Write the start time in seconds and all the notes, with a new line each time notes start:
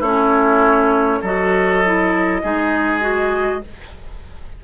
0.00 A3 C#4 E4 C#5
1.22 F#3 F#4 A4 D#5
1.85 E4
2.43 G#3 D#4 G#4
3.01 F#4